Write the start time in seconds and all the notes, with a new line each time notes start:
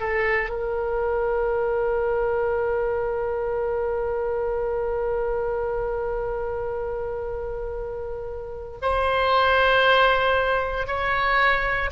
0.00 A4
0.50 A#4
8.82 C5
10.87 C#5